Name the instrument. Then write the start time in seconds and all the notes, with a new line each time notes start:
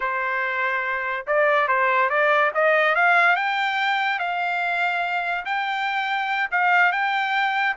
trumpet
0.00 C5
1.26 D5
1.68 C5
2.09 D5
2.54 D#5
2.95 F5
3.36 G5
4.19 F5
5.45 G5
6.51 F5
6.92 G5